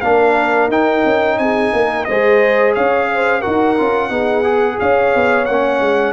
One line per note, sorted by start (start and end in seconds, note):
0.00 0.68 A#3
0.00 0.70 D4
0.00 1.36 A#4
0.00 0.68 F5
0.68 1.02 D#4
0.68 2.06 D#4
0.68 1.38 G5
1.05 1.37 C#4
1.37 1.72 C4
1.37 1.75 G#4
1.37 2.04 G#5
1.73 2.07 A#3
1.73 2.08 A#4
2.04 2.76 G#3
2.04 3.42 G#4
2.04 2.75 C5
2.04 2.72 D#5
2.75 3.44 C#4
2.75 3.09 C#5
2.75 3.41 F5
3.14 3.40 C5
3.40 3.76 F#4
3.40 4.08 A#4
3.40 4.78 F#5
3.46 3.79 D#4
3.77 4.09 C#4
3.77 4.09 F4
4.09 4.77 B3
4.09 4.43 D#4
4.09 4.79 G#4
4.43 5.46 G#4
4.79 5.14 C#4
4.79 6.13 C#5
4.79 5.45 F5
5.14 5.48 B3
5.45 5.80 A#3
5.45 6.13 C#4
5.45 6.13 F#5
5.80 6.13 G#3